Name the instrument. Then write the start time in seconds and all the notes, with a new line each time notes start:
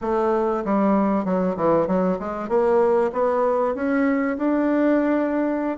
bassoon
0.01 A3
0.64 G3
1.24 F#3
1.56 E3
1.87 F#3
2.19 G#3
2.48 A#3
3.12 B3
3.74 C#4
4.37 D4